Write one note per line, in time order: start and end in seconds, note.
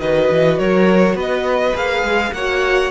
0.00 0.29 D#3
0.00 1.74 F#4
0.00 0.59 B4
0.00 0.59 D#5
0.31 0.59 E3
0.59 1.14 F#3
0.59 1.16 A#4
0.59 1.17 C#5
1.14 1.72 B3
1.14 2.32 B4
1.20 1.76 D#5
1.74 2.03 A#3
1.74 2.32 G#4
1.74 2.33 F5
2.03 2.32 G#3
2.33 2.90 A#3
2.33 2.90 F#4
2.33 2.90 C#5
2.33 2.90 F#5